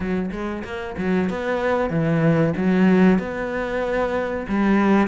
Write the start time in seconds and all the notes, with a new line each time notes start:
0.00 F#3
0.31 G#3
0.64 A#3
0.97 F#3
1.29 B3
1.89 E3
2.56 F#3
3.18 B3
4.48 G3